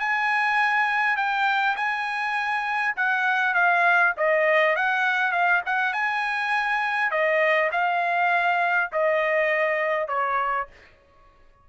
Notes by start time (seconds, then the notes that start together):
0.00 G#5
1.17 G5
1.77 G#5
2.96 F#5
3.54 F5
4.17 D#5
4.76 F#5
5.32 F5
5.66 F#5
5.94 G#5
7.11 D#5
7.72 F5
8.92 D#5
10.08 C#5